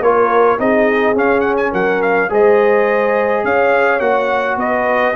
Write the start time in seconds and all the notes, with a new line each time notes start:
0.00 A#3 F4 A#4 C#5
0.59 C4 D#4 G#4 D#5
1.15 C#4 F5
1.41 F#5
1.57 G#5
1.72 F#3 A#4 F#5
2.02 F5
2.30 G#3 G#4 C5 D#5
3.44 C#4 C#5 F5
4.00 A#3 F#4 F#5
4.57 B3 B4 D#5